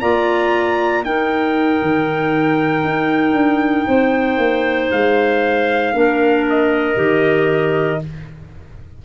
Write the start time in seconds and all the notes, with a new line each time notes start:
0.00 A#3 F4 D5 A#5
1.03 D#4 A#4 G5
1.82 D#3
2.84 D#4
3.33 D4
3.87 C4 C5
4.37 A#3
4.91 G#3 F5
5.93 A#3 D4 A#4
6.49 D#5
6.95 D#3 G4